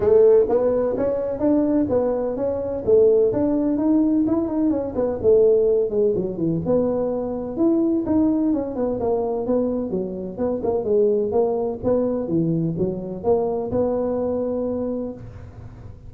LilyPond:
\new Staff \with { instrumentName = "tuba" } { \time 4/4 \tempo 4 = 127 a4 b4 cis'4 d'4 | b4 cis'4 a4 d'4 | dis'4 e'8 dis'8 cis'8 b8 a4~ | a8 gis8 fis8 e8 b2 |
e'4 dis'4 cis'8 b8 ais4 | b4 fis4 b8 ais8 gis4 | ais4 b4 e4 fis4 | ais4 b2. | }